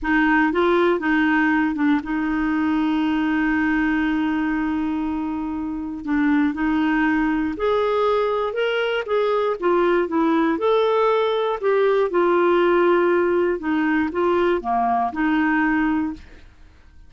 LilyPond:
\new Staff \with { instrumentName = "clarinet" } { \time 4/4 \tempo 4 = 119 dis'4 f'4 dis'4. d'8 | dis'1~ | dis'1 | d'4 dis'2 gis'4~ |
gis'4 ais'4 gis'4 f'4 | e'4 a'2 g'4 | f'2. dis'4 | f'4 ais4 dis'2 | }